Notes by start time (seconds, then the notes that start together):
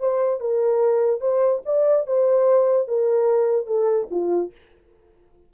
0.00 C5
0.40 A#4
1.21 C5
1.66 D5
2.07 C5
2.88 A#4
3.67 A4
4.11 F4